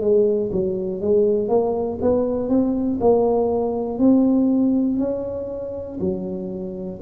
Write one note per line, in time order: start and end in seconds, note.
0.00 0.50 G#3
0.52 1.01 F#3
1.01 1.49 G#3
1.49 1.99 A#3
2.01 2.49 B3
2.49 2.99 C4
3.00 3.98 A#3
3.98 4.98 C4
4.99 5.99 C#4
6.00 7.00 F#3